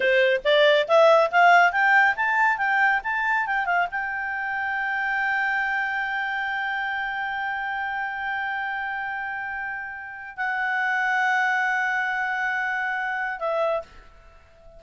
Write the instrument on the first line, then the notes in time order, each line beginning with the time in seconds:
clarinet
0.00 C5
0.44 D5
0.88 E5
1.31 F5
1.71 G5
2.15 A5
2.57 G5
3.03 A5
3.46 G5
3.65 F5
3.91 G5
10.37 F#5
13.39 E5